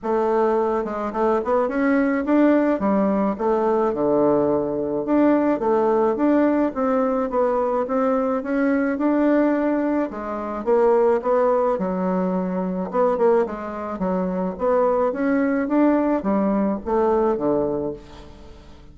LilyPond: \new Staff \with { instrumentName = "bassoon" } { \time 4/4 \tempo 4 = 107 a4. gis8 a8 b8 cis'4 | d'4 g4 a4 d4~ | d4 d'4 a4 d'4 | c'4 b4 c'4 cis'4 |
d'2 gis4 ais4 | b4 fis2 b8 ais8 | gis4 fis4 b4 cis'4 | d'4 g4 a4 d4 | }